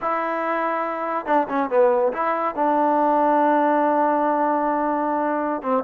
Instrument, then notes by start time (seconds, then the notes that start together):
trombone
0.01 E4
1.26 D4
1.48 C#4
1.69 B3
2.12 E4
2.55 D4
5.62 C4